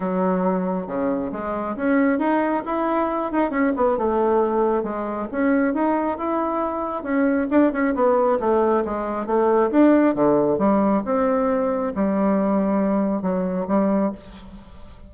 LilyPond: \new Staff \with { instrumentName = "bassoon" } { \time 4/4 \tempo 4 = 136 fis2 cis4 gis4 | cis'4 dis'4 e'4. dis'8 | cis'8 b8 a2 gis4 | cis'4 dis'4 e'2 |
cis'4 d'8 cis'8 b4 a4 | gis4 a4 d'4 d4 | g4 c'2 g4~ | g2 fis4 g4 | }